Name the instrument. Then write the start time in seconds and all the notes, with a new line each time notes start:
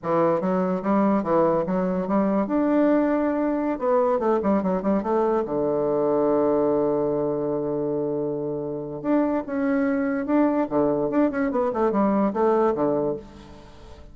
bassoon
0.02 E3
0.41 F#3
0.82 G3
1.23 E3
1.66 F#3
2.07 G3
2.47 D4
3.79 B3
4.19 A3
4.43 G3
4.62 F#3
4.82 G3
5.02 A3
5.45 D3
9.01 D4
9.46 C#4
10.26 D4
10.69 D3
11.10 D4
11.30 C#4
11.51 B3
11.73 A3
11.91 G3
12.33 A3
12.75 D3